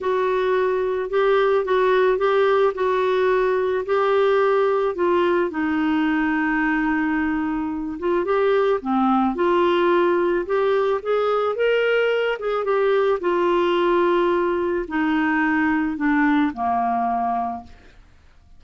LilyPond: \new Staff \with { instrumentName = "clarinet" } { \time 4/4 \tempo 4 = 109 fis'2 g'4 fis'4 | g'4 fis'2 g'4~ | g'4 f'4 dis'2~ | dis'2~ dis'8 f'8 g'4 |
c'4 f'2 g'4 | gis'4 ais'4. gis'8 g'4 | f'2. dis'4~ | dis'4 d'4 ais2 | }